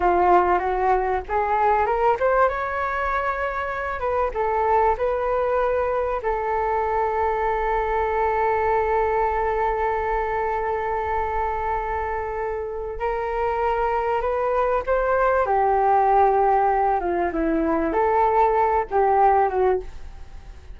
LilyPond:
\new Staff \with { instrumentName = "flute" } { \time 4/4 \tempo 4 = 97 f'4 fis'4 gis'4 ais'8 c''8 | cis''2~ cis''8 b'8 a'4 | b'2 a'2~ | a'1~ |
a'1~ | a'4 ais'2 b'4 | c''4 g'2~ g'8 f'8 | e'4 a'4. g'4 fis'8 | }